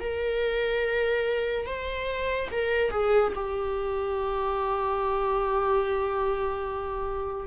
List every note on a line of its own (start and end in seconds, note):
0.00 1.66 A#4
1.66 2.49 C5
2.52 2.91 A#4
2.91 3.33 G#4
3.35 7.47 G4